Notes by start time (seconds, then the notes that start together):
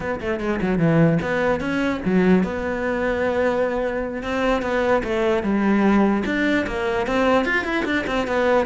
0.00 B3
0.20 A3
0.40 G#3
0.61 F#3
0.78 E3
1.22 B3
1.60 C#4
2.05 F#3
2.43 B3
4.22 C4
4.62 B3
5.03 A3
5.43 G3
6.25 D4
6.66 A#3
7.06 C4
7.45 F4
7.64 E4
7.85 D4
8.06 C4
8.27 B3